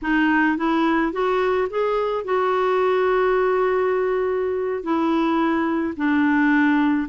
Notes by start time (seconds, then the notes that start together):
0.02 D#4
0.57 E4
1.12 F#4
1.70 G#4
2.24 F#4
4.83 E4
5.96 D4